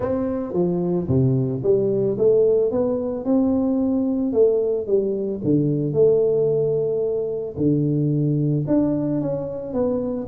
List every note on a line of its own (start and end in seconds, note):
0.00 0.53 C4
0.53 1.07 F3
1.07 1.61 C3
1.63 2.17 G3
2.18 2.71 A3
2.71 3.25 B3
3.25 4.32 C4
4.32 4.86 A3
4.86 5.41 G3
5.44 5.93 D3
5.93 7.55 A3
7.57 8.65 D3
8.67 9.21 D4
9.21 9.73 C#4
9.73 10.27 B3